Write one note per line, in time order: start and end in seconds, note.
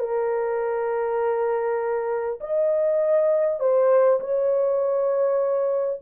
0.00 2.40 A#4
2.41 3.60 D#5
3.60 4.20 C5
4.21 6.01 C#5